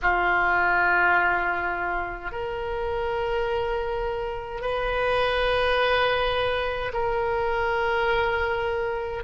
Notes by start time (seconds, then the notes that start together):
0.02 F4
2.31 A#4
4.61 B4
6.93 A#4